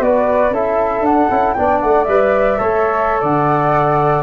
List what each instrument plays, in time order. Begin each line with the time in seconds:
0.00 tuba B3, trombone F#4, flute B4 D5
0.50 tuba C#4, trombone E4, flute A4 E5
1.00 tuba D4, trombone D4, flute F#5
1.30 tuba C#4, trombone E4
1.53 tuba B3, trombone D4, flute D5 G5
1.81 tuba A3, flute F#5
2.04 tuba G3, trombone B4, flute E5
2.57 tuba A3, trombone A4, flute C#5
3.21 tuba D3, flute D5 F#5